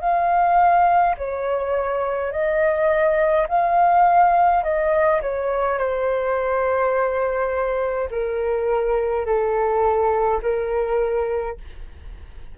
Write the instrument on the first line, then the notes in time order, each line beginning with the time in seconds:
flute
0.00 F5
1.17 C#5
2.31 D#5
3.48 F5
4.63 D#5
5.21 C#5
5.78 C5
8.10 A#4
9.25 A4
10.42 A#4